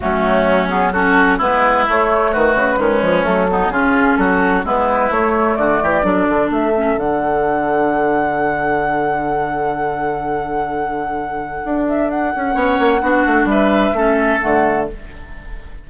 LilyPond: <<
  \new Staff \with { instrumentName = "flute" } { \time 4/4 \tempo 4 = 129 fis'4. gis'8 a'4 b'4 | cis''4 b'2 a'4 | gis'4 a'4 b'4 cis''4 | d''2 e''4 fis''4~ |
fis''1~ | fis''1~ | fis''4. e''8 fis''2~ | fis''4 e''2 fis''4 | }
  \new Staff \with { instrumentName = "oboe" } { \time 4/4 cis'2 fis'4 e'4~ | e'4 fis'4 cis'4. dis'8 | f'4 fis'4 e'2 | fis'8 g'8 a'2.~ |
a'1~ | a'1~ | a'2. cis''4 | fis'4 b'4 a'2 | }
  \new Staff \with { instrumentName = "clarinet" } { \time 4/4 a4. b8 cis'4 b4 | a2 gis4 a8 b8 | cis'2 b4 a4~ | a4 d'4. cis'8 d'4~ |
d'1~ | d'1~ | d'2. cis'4 | d'2 cis'4 a4 | }
  \new Staff \with { instrumentName = "bassoon" } { \time 4/4 fis2. gis4 | a4 dis8 cis8 dis8 f8 fis4 | cis4 fis4 gis4 a4 | d8 e8 fis8 d8 a4 d4~ |
d1~ | d1~ | d4 d'4. cis'8 b8 ais8 | b8 a8 g4 a4 d4 | }
>>